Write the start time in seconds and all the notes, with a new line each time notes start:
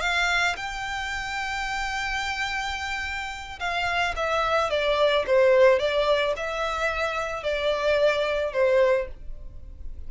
0.00 F5
0.56 G5
3.59 F5
4.16 E5
4.70 D5
5.26 C5
5.79 D5
6.36 E5
7.43 D5
8.52 C5